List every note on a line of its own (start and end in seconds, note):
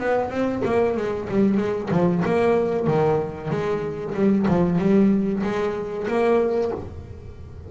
0.00 0.31 B3
0.31 0.63 C4
0.65 0.97 A#3
0.97 1.29 G#3
1.29 1.58 G3
1.58 1.89 G#3
1.91 2.23 F3
2.25 2.87 A#3
2.87 3.50 D#3
3.50 4.14 G#3
4.15 4.47 G3
4.48 4.79 F3
4.79 5.43 G3
5.43 6.07 G#3
6.08 6.71 A#3